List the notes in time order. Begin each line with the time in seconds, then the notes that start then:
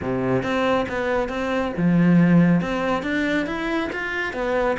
0.01 C3
0.42 C4
0.88 B3
1.28 C4
1.77 F3
2.61 C4
3.02 D4
3.46 E4
3.92 F4
4.33 B3